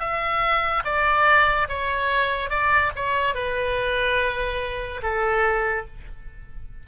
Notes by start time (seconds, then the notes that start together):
0.00 E5
0.84 D5
1.69 C#5
2.50 D5
2.96 C#5
3.35 B4
5.03 A4